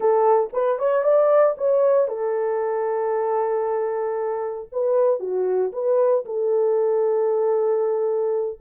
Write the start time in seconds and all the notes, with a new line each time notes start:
0.00 A4
0.52 B4
0.78 C#5
1.03 D5
1.57 C#5
2.08 A4
4.72 B4
5.19 F#4
5.72 B4
6.25 A4